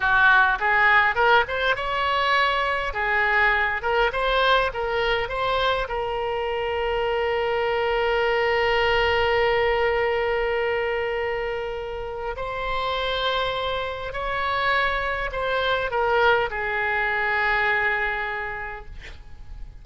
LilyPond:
\new Staff \with { instrumentName = "oboe" } { \time 4/4 \tempo 4 = 102 fis'4 gis'4 ais'8 c''8 cis''4~ | cis''4 gis'4. ais'8 c''4 | ais'4 c''4 ais'2~ | ais'1~ |
ais'1~ | ais'4 c''2. | cis''2 c''4 ais'4 | gis'1 | }